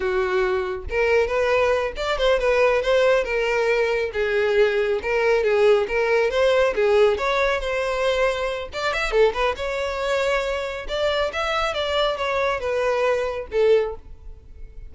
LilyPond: \new Staff \with { instrumentName = "violin" } { \time 4/4 \tempo 4 = 138 fis'2 ais'4 b'4~ | b'8 d''8 c''8 b'4 c''4 ais'8~ | ais'4. gis'2 ais'8~ | ais'8 gis'4 ais'4 c''4 gis'8~ |
gis'8 cis''4 c''2~ c''8 | d''8 e''8 a'8 b'8 cis''2~ | cis''4 d''4 e''4 d''4 | cis''4 b'2 a'4 | }